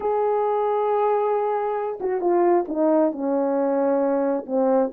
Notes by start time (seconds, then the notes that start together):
0.00 G#4
2.00 F#4
2.20 F4
2.67 D#4
3.12 C#4
4.46 C4